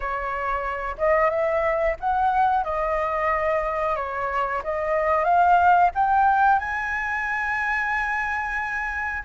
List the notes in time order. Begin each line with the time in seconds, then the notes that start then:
0.00 C#5
0.97 D#5
1.30 E5
1.99 F#5
2.64 D#5
3.96 C#5
4.63 D#5
5.24 F5
5.94 G5
6.59 G#5